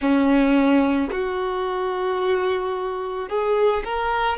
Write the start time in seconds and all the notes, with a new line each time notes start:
0.01 C#4
1.11 F#4
3.28 G#4
3.84 A#4